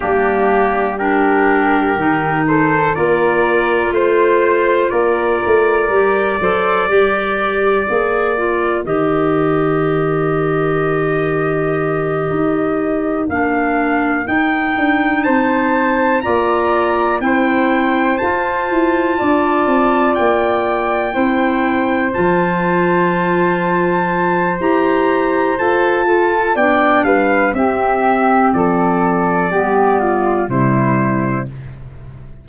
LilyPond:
<<
  \new Staff \with { instrumentName = "trumpet" } { \time 4/4 \tempo 4 = 61 g'4 ais'4. c''8 d''4 | c''4 d''2.~ | d''4 dis''2.~ | dis''4. f''4 g''4 a''8~ |
a''8 ais''4 g''4 a''4.~ | a''8 g''2 a''4.~ | a''4 ais''4 a''4 g''8 f''8 | e''4 d''2 c''4 | }
  \new Staff \with { instrumentName = "flute" } { \time 4/4 d'4 g'4. a'8 ais'4 | c''4 ais'4. c''8 ais'4~ | ais'1~ | ais'2.~ ais'8 c''8~ |
c''8 d''4 c''2 d''8~ | d''4. c''2~ c''8~ | c''2~ c''8 a'8 d''8 b'8 | g'4 a'4 g'8 f'8 e'4 | }
  \new Staff \with { instrumentName = "clarinet" } { \time 4/4 ais4 d'4 dis'4 f'4~ | f'2 g'8 a'8 g'4 | gis'8 f'8 g'2.~ | g'4. d'4 dis'4.~ |
dis'8 f'4 e'4 f'4.~ | f'4. e'4 f'4.~ | f'4 g'4 a'8 f'8 d'4 | c'2 b4 g4 | }
  \new Staff \with { instrumentName = "tuba" } { \time 4/4 g2 dis4 ais4 | a4 ais8 a8 g8 fis8 g4 | ais4 dis2.~ | dis8 dis'4 ais4 dis'8 d'8 c'8~ |
c'8 ais4 c'4 f'8 e'8 d'8 | c'8 ais4 c'4 f4.~ | f4 e'4 f'4 b8 g8 | c'4 f4 g4 c4 | }
>>